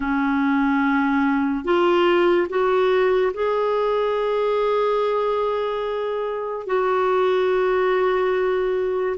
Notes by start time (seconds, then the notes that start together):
0.00 C#4
1.64 F4
2.49 F#4
3.33 G#4
6.66 F#4